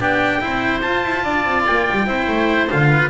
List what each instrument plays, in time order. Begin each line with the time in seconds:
0.00 double bass B3, cello D4, oboe G4, trumpet G5
0.41 double bass C4, cello E4, oboe C5
0.82 cello F4, double bass F4, trumpet A5
1.05 double bass E4
1.24 double bass D4, oboe D5
1.45 double bass C4
1.67 double bass A#3, trumpet G5
1.92 double bass G3
2.06 double bass C4, cello E4, oboe C5
2.28 double bass A3
2.70 double bass D3, cello F4, trumpet F5
2.89 oboe B4